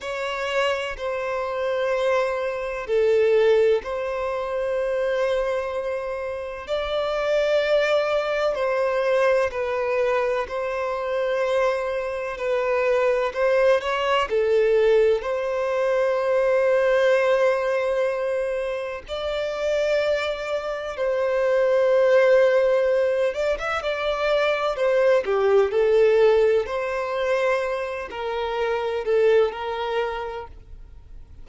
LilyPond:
\new Staff \with { instrumentName = "violin" } { \time 4/4 \tempo 4 = 63 cis''4 c''2 a'4 | c''2. d''4~ | d''4 c''4 b'4 c''4~ | c''4 b'4 c''8 cis''8 a'4 |
c''1 | d''2 c''2~ | c''8 d''16 e''16 d''4 c''8 g'8 a'4 | c''4. ais'4 a'8 ais'4 | }